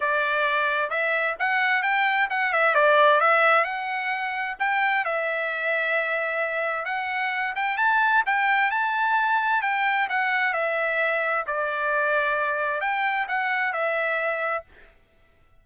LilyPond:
\new Staff \with { instrumentName = "trumpet" } { \time 4/4 \tempo 4 = 131 d''2 e''4 fis''4 | g''4 fis''8 e''8 d''4 e''4 | fis''2 g''4 e''4~ | e''2. fis''4~ |
fis''8 g''8 a''4 g''4 a''4~ | a''4 g''4 fis''4 e''4~ | e''4 d''2. | g''4 fis''4 e''2 | }